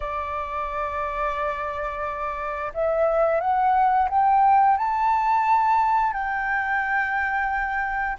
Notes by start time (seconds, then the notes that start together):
0.00 D5
2.73 E5
3.40 F#5
4.09 G5
4.77 A5
6.12 G5